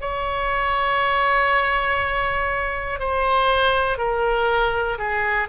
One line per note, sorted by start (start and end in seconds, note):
0.00 2.99 C#5
2.99 3.98 C5
3.98 4.98 A#4
4.98 5.48 G#4